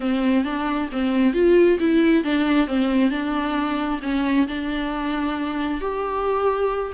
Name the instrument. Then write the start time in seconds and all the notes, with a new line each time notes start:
viola
0.00 C4
0.44 D4
0.92 C4
1.33 F4
1.79 E4
2.23 D4
2.67 C4
3.10 D4
4.02 C#4
4.47 D4
5.80 G4